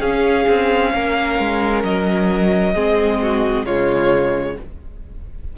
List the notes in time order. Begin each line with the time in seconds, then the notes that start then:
0.00 C#4 G#4 F5
0.48 C4
0.94 A#3 A#4
1.39 G#3
1.84 F#3 D#5
2.74 G#3 C4 G#4
3.22 F#4
3.65 C#3 G#3 F4 C#5